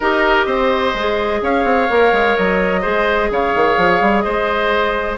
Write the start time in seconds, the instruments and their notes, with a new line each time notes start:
0.00 bassoon D#4, clarinet G4, oboe A#4, flute D#5
0.46 bassoon C4, oboe C5
0.94 bassoon G#3, clarinet G#4
1.42 bassoon C#4, oboe C#5, flute F5
1.64 bassoon C4
1.89 bassoon A#3, clarinet A#4
2.12 bassoon G#3
2.36 bassoon F#3, flute D#5
2.81 bassoon G#3, clarinet G#4, oboe C5
3.30 bassoon C#3, oboe C#5, flute F5
3.55 bassoon D#3
3.77 bassoon F3
4.00 bassoon G3
4.20 bassoon G#3, oboe C5, flute D#5